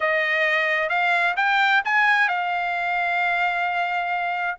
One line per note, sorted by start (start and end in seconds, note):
0.00 0.89 D#5
0.89 1.34 F5
1.36 1.82 G5
1.84 2.28 G#5
2.28 4.57 F5